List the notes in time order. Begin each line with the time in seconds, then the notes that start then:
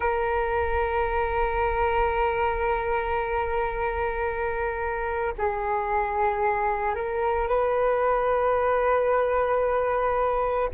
0.00 A#4
5.38 G#4
6.94 A#4
7.48 B4